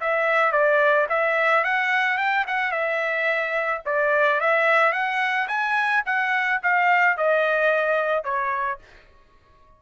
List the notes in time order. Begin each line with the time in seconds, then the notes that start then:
0.00 E5
0.52 D5
1.09 E5
1.63 F#5
2.17 G5
2.47 F#5
2.71 E5
3.85 D5
4.40 E5
4.92 F#5
5.48 G#5
6.05 F#5
6.62 F5
7.17 D#5
8.23 C#5